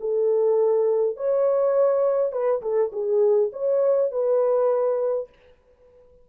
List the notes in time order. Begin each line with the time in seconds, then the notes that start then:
0.00 A4
1.16 C#5
2.32 B4
2.61 A4
2.92 G#4
3.52 C#5
4.11 B4